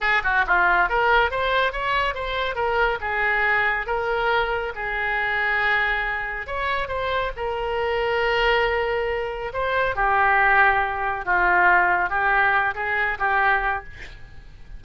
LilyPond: \new Staff \with { instrumentName = "oboe" } { \time 4/4 \tempo 4 = 139 gis'8 fis'8 f'4 ais'4 c''4 | cis''4 c''4 ais'4 gis'4~ | gis'4 ais'2 gis'4~ | gis'2. cis''4 |
c''4 ais'2.~ | ais'2 c''4 g'4~ | g'2 f'2 | g'4. gis'4 g'4. | }